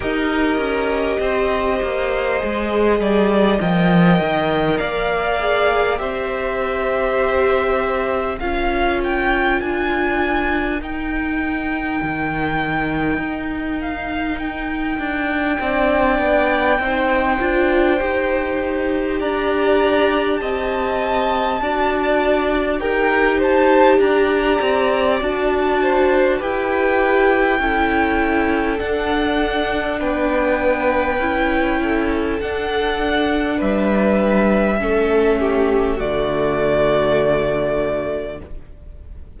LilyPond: <<
  \new Staff \with { instrumentName = "violin" } { \time 4/4 \tempo 4 = 50 dis''2. g''4 | f''4 e''2 f''8 g''8 | gis''4 g''2~ g''8 f''8 | g''1 |
ais''4 a''2 g''8 a''8 | ais''4 a''4 g''2 | fis''4 g''2 fis''4 | e''2 d''2 | }
  \new Staff \with { instrumentName = "violin" } { \time 4/4 ais'4 c''4. d''8 dis''4 | d''4 c''2 ais'4~ | ais'1~ | ais'4 d''4 c''2 |
d''4 dis''4 d''4 ais'8 c''8 | d''4. c''8 b'4 a'4~ | a'4 b'4. a'4. | b'4 a'8 g'8 fis'2 | }
  \new Staff \with { instrumentName = "viola" } { \time 4/4 g'2 gis'4 ais'4~ | ais'8 gis'8 g'2 f'4~ | f'4 dis'2.~ | dis'4 d'4 dis'8 f'8 g'4~ |
g'2 fis'4 g'4~ | g'4 fis'4 g'4 e'4 | d'2 e'4 d'4~ | d'4 cis'4 a2 | }
  \new Staff \with { instrumentName = "cello" } { \time 4/4 dis'8 cis'8 c'8 ais8 gis8 g8 f8 dis8 | ais4 c'2 cis'4 | d'4 dis'4 dis4 dis'4~ | dis'8 d'8 c'8 b8 c'8 d'8 dis'4 |
d'4 c'4 d'4 dis'4 | d'8 c'8 d'4 e'4 cis'4 | d'4 b4 cis'4 d'4 | g4 a4 d2 | }
>>